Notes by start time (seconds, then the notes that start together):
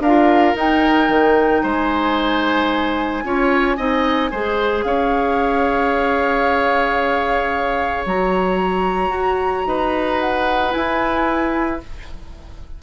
0.00 D4 A#4 F5
0.07 F4
0.56 D#4 G5
1.09 D#3
1.63 G#3 C5 G#5
3.24 C#4 F4 C#5
3.77 C4 D#4 D#5
4.31 G#3 G#4 C5
4.83 C#4 C#5 F5
8.06 F#3 F#4 A#5
9.10 F#4
9.67 D#4 B4
10.21 F#5
10.72 E4 G#5